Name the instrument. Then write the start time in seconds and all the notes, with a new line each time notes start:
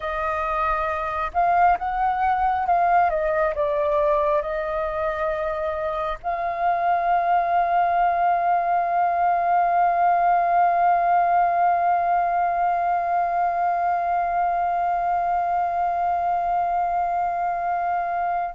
flute
0.00 D#5
1.33 F5
1.78 F#5
2.66 F5
3.10 D#5
3.55 D5
4.42 D#5
6.22 F5